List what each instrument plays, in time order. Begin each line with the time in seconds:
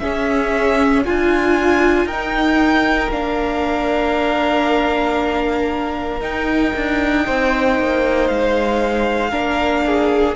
0.00 viola C#4, cello C#4, violin G#4 E5
1.05 cello D4, violin F4 G#5, viola F4
2.05 cello D#4, viola D#4, violin A#4 G5
3.11 cello A#3, viola D4, violin F5
6.21 viola D#4, cello D#4, violin G5
6.76 cello D4
7.26 cello C4, violin C5
7.80 cello A#3
8.28 cello G#3, violin F5
9.31 cello A#3, viola D4, violin A#4
9.87 violin G#4